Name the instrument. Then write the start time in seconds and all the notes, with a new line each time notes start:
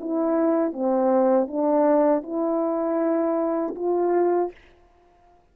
horn
0.00 E4
0.72 C4
1.47 D4
2.23 E4
3.75 F4